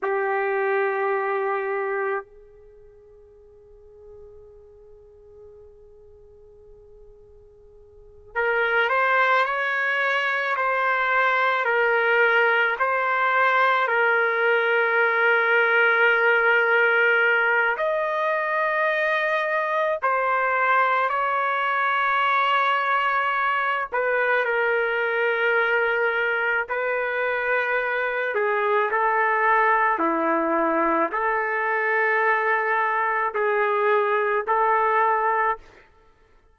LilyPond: \new Staff \with { instrumentName = "trumpet" } { \time 4/4 \tempo 4 = 54 g'2 gis'2~ | gis'2.~ gis'8 ais'8 | c''8 cis''4 c''4 ais'4 c''8~ | c''8 ais'2.~ ais'8 |
dis''2 c''4 cis''4~ | cis''4. b'8 ais'2 | b'4. gis'8 a'4 e'4 | a'2 gis'4 a'4 | }